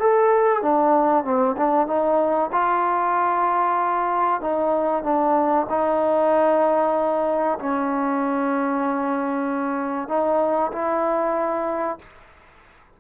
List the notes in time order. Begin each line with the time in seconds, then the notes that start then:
0.00 A4
0.63 D4
1.25 C4
1.57 D4
1.87 D#4
2.53 F4
4.42 D#4
5.04 D4
5.70 D#4
7.59 C#4
10.09 D#4
10.73 E4